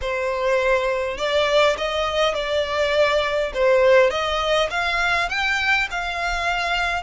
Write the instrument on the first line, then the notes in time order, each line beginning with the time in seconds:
violin
0.01 C5
1.17 D5
1.77 D#5
2.34 D5
3.53 C5
4.10 D#5
4.70 F5
5.29 G5
5.90 F5